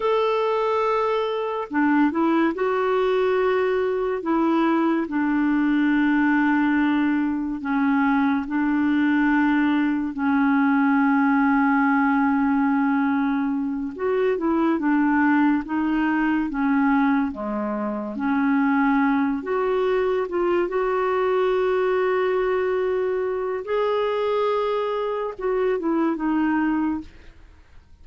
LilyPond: \new Staff \with { instrumentName = "clarinet" } { \time 4/4 \tempo 4 = 71 a'2 d'8 e'8 fis'4~ | fis'4 e'4 d'2~ | d'4 cis'4 d'2 | cis'1~ |
cis'8 fis'8 e'8 d'4 dis'4 cis'8~ | cis'8 gis4 cis'4. fis'4 | f'8 fis'2.~ fis'8 | gis'2 fis'8 e'8 dis'4 | }